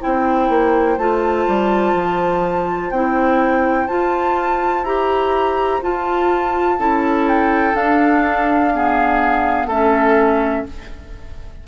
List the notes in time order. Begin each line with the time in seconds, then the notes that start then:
0.00 C4 E4 C5 G5
0.48 A#3
0.97 A3 F4 A5
1.47 G3
1.94 F3
2.90 C4 E4 G5
3.87 F4 A5
4.82 E4 G4 A#5
5.81 F4 A5
6.78 C#4 E4 A4
7.28 G5
7.73 D4 F5
8.73 B3 G#4
9.65 A3 C#4 A4 E5